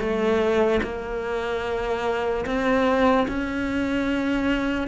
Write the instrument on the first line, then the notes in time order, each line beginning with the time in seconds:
cello
0.00 A3
0.83 A#3
2.46 C4
3.29 C#4